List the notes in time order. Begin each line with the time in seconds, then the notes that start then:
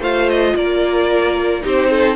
0.00 A3 F4 C5 F5
0.30 D#5
0.56 A#3 A#4 D5
1.62 C4 D#4 G4 C5
1.90 A4